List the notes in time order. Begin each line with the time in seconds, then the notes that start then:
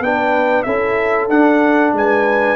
0.00 B3 D4 B4 G5
0.63 C#4 E4 A4 E5
1.29 D4 F#5
1.93 G#3 B4 G#5